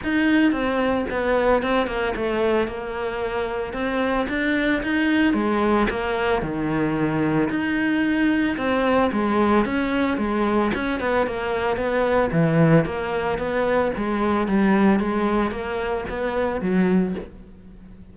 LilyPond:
\new Staff \with { instrumentName = "cello" } { \time 4/4 \tempo 4 = 112 dis'4 c'4 b4 c'8 ais8 | a4 ais2 c'4 | d'4 dis'4 gis4 ais4 | dis2 dis'2 |
c'4 gis4 cis'4 gis4 | cis'8 b8 ais4 b4 e4 | ais4 b4 gis4 g4 | gis4 ais4 b4 fis4 | }